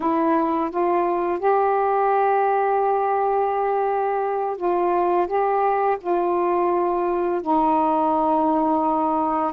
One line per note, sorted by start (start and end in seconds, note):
0.00 0.70 E4
0.70 1.39 F4
1.39 4.57 G4
4.57 5.27 F4
5.27 5.97 G4
6.01 7.41 F4
7.41 9.52 D#4